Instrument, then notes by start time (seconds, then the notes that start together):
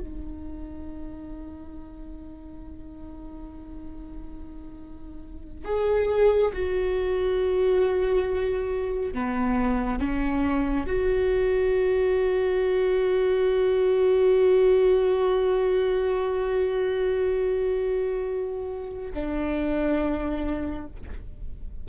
viola
0.00 D#4
5.65 G#4
6.53 F#4
9.13 B3
9.99 C#4
10.87 F#4
19.13 D4